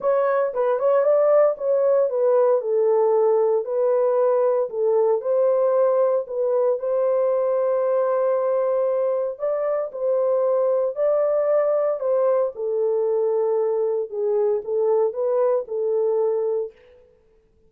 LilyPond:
\new Staff \with { instrumentName = "horn" } { \time 4/4 \tempo 4 = 115 cis''4 b'8 cis''8 d''4 cis''4 | b'4 a'2 b'4~ | b'4 a'4 c''2 | b'4 c''2.~ |
c''2 d''4 c''4~ | c''4 d''2 c''4 | a'2. gis'4 | a'4 b'4 a'2 | }